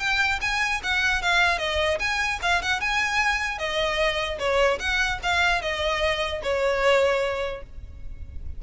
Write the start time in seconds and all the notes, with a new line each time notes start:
0.00 G5
0.42 G#5
0.83 F#5
1.22 F5
1.59 D#5
2.00 G#5
2.42 F5
2.62 F#5
2.81 G#5
3.59 D#5
4.39 C#5
4.80 F#5
5.23 F5
5.62 D#5
6.43 C#5